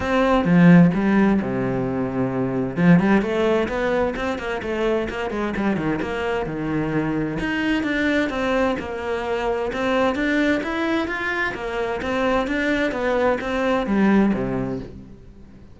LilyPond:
\new Staff \with { instrumentName = "cello" } { \time 4/4 \tempo 4 = 130 c'4 f4 g4 c4~ | c2 f8 g8 a4 | b4 c'8 ais8 a4 ais8 gis8 | g8 dis8 ais4 dis2 |
dis'4 d'4 c'4 ais4~ | ais4 c'4 d'4 e'4 | f'4 ais4 c'4 d'4 | b4 c'4 g4 c4 | }